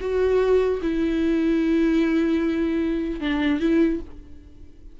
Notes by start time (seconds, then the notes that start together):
0.00 F#4
0.82 E4
3.20 D4
3.60 E4